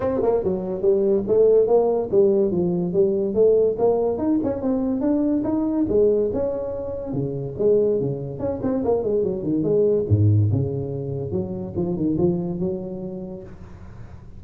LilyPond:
\new Staff \with { instrumentName = "tuba" } { \time 4/4 \tempo 4 = 143 c'8 ais8 fis4 g4 a4 | ais4 g4 f4 g4 | a4 ais4 dis'8 cis'8 c'4 | d'4 dis'4 gis4 cis'4~ |
cis'4 cis4 gis4 cis4 | cis'8 c'8 ais8 gis8 fis8 dis8 gis4 | gis,4 cis2 fis4 | f8 dis8 f4 fis2 | }